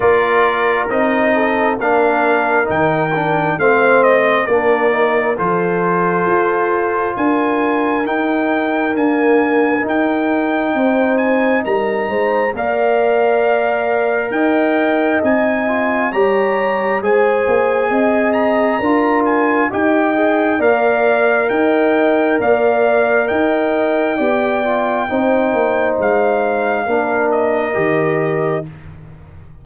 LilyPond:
<<
  \new Staff \with { instrumentName = "trumpet" } { \time 4/4 \tempo 4 = 67 d''4 dis''4 f''4 g''4 | f''8 dis''8 d''4 c''2 | gis''4 g''4 gis''4 g''4~ | g''8 gis''8 ais''4 f''2 |
g''4 gis''4 ais''4 gis''4~ | gis''8 ais''4 gis''8 g''4 f''4 | g''4 f''4 g''2~ | g''4 f''4. dis''4. | }
  \new Staff \with { instrumentName = "horn" } { \time 4/4 ais'4. a'8 ais'2 | c''4 ais'4 a'2 | ais'1 | c''4 ais'8 c''8 d''2 |
dis''2 cis''4 c''4 | dis''4 ais'4 dis''4 d''4 | dis''4 d''4 dis''4 d''4 | c''2 ais'2 | }
  \new Staff \with { instrumentName = "trombone" } { \time 4/4 f'4 dis'4 d'4 dis'8 d'8 | c'4 d'8 dis'8 f'2~ | f'4 dis'4 ais4 dis'4~ | dis'2 ais'2~ |
ais'4 dis'8 f'8 g'4 gis'4~ | gis'4 f'4 g'8 gis'8 ais'4~ | ais'2. g'8 f'8 | dis'2 d'4 g'4 | }
  \new Staff \with { instrumentName = "tuba" } { \time 4/4 ais4 c'4 ais4 dis4 | a4 ais4 f4 f'4 | d'4 dis'4 d'4 dis'4 | c'4 g8 gis8 ais2 |
dis'4 c'4 g4 gis8 ais8 | c'4 d'4 dis'4 ais4 | dis'4 ais4 dis'4 b4 | c'8 ais8 gis4 ais4 dis4 | }
>>